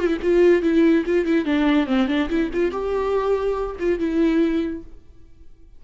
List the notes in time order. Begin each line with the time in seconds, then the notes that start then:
0.00 F4
0.07 E4
0.23 F4
0.63 E4
1.06 F4
1.26 E4
1.46 D4
1.87 C4
2.08 D4
2.30 E4
2.54 F4
2.72 G4
3.80 F4
4.00 E4